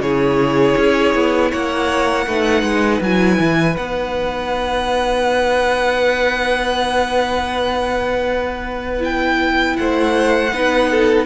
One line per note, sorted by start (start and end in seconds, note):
0.00 0.75 C#3
0.00 2.28 E4
0.00 1.51 G#4
0.00 1.52 C#5
0.77 1.15 C#4
1.15 1.52 B3
1.51 2.27 A#3
1.51 2.26 C#5
1.51 3.02 F#5
2.27 2.63 A3
2.27 3.04 D#4
2.27 9.77 B4
2.63 3.00 G#3
3.01 3.39 F#3
3.01 3.75 E4
3.01 3.77 G#5
3.40 3.77 E3
3.75 9.78 B3
3.75 8.99 D#4
3.75 9.02 F#5
8.99 10.49 E4
8.99 9.77 G5
9.77 10.53 A3
9.77 10.53 C5
9.77 11.26 F#5
10.53 11.26 B3
10.53 11.26 D#4
10.53 10.91 B4
10.91 11.26 A4